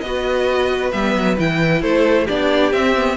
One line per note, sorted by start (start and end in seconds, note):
0.00 0.92 B3
0.00 1.82 B4
0.00 0.90 D#5
0.06 0.92 F#4
0.91 1.14 G3
0.91 1.37 B3
0.91 1.36 E5
1.14 1.37 F#3
1.37 1.82 E3
1.37 2.27 E4
1.37 1.81 G5
1.81 2.27 A3
1.81 2.24 A4
1.81 2.27 C5
2.24 2.72 B3
2.24 2.72 D4
2.24 3.15 G4
2.24 2.72 D5
2.72 3.17 C4
2.72 2.95 C4
2.72 3.17 E5
2.96 3.17 B3